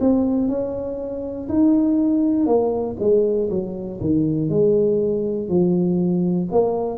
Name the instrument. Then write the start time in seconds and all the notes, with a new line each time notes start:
tuba
0.00 C4
0.48 C#4
1.49 D#4
2.46 A#3
3.00 G#3
3.50 F#3
4.00 D#3
4.50 G#3
5.49 F3
6.52 A#3